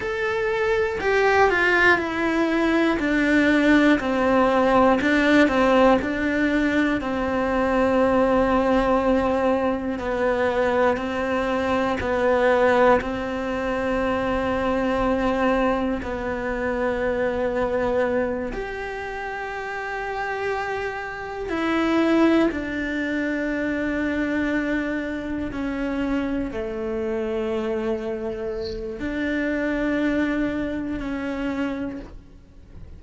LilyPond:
\new Staff \with { instrumentName = "cello" } { \time 4/4 \tempo 4 = 60 a'4 g'8 f'8 e'4 d'4 | c'4 d'8 c'8 d'4 c'4~ | c'2 b4 c'4 | b4 c'2. |
b2~ b8 g'4.~ | g'4. e'4 d'4.~ | d'4. cis'4 a4.~ | a4 d'2 cis'4 | }